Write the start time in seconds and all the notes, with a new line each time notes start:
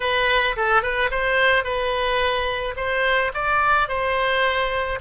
0.00 B4
0.56 A4
0.82 B4
1.10 C5
1.63 B4
2.76 C5
3.33 D5
3.88 C5